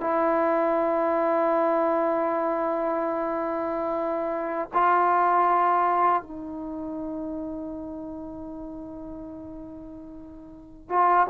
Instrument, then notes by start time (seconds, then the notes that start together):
trombone
0.00 E4
4.73 F4
6.22 D#4
10.89 F4